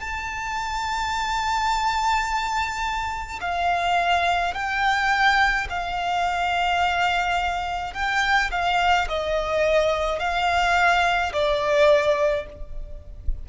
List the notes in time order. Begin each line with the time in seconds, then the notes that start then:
0.00 A5
3.41 F5
4.54 G5
5.70 F5
7.93 G5
8.51 F5
9.08 D#5
10.19 F5
11.33 D5